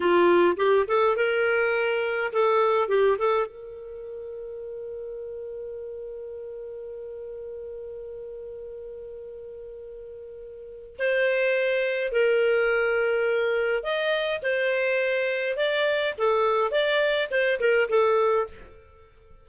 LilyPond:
\new Staff \with { instrumentName = "clarinet" } { \time 4/4 \tempo 4 = 104 f'4 g'8 a'8 ais'2 | a'4 g'8 a'8 ais'2~ | ais'1~ | ais'1~ |
ais'2. c''4~ | c''4 ais'2. | dis''4 c''2 d''4 | a'4 d''4 c''8 ais'8 a'4 | }